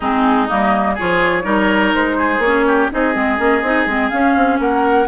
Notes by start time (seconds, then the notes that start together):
0.00 G#3 C4 D#4 G#4
0.47 G3 A#3 D#5
0.94 F4 G#4 C#5
1.01 F3
1.43 G3 D#4 A#4
1.95 G#3 C5
2.17 G#4
2.38 A#3 C#5
2.46 C#4
2.66 G4
2.91 C4 D#4 G#4 D#5
3.13 G#3 C4
3.37 A#3 C#4
3.62 C4 D#4
3.85 G#3 C4
4.09 C#4 F5
4.35 C4
4.59 A#3 A#4 F#5